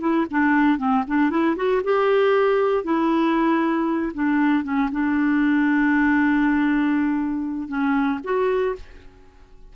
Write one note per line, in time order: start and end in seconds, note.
0.00 0.26 E4
0.30 0.78 D4
0.78 1.03 C4
1.07 1.30 D4
1.30 1.55 E4
1.56 1.81 F#4
1.83 2.84 G4
2.84 4.12 E4
4.14 4.63 D4
4.63 4.89 C#4
4.92 7.68 D4
7.68 8.19 C#4
8.24 8.75 F#4